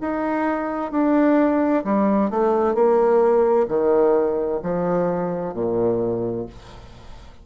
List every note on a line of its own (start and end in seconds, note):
0.00 0.91 D#4
0.91 1.83 D4
1.84 2.30 G3
2.30 2.74 A3
2.74 3.66 A#3
3.68 4.60 D#3
4.62 5.53 F3
5.53 6.46 A#2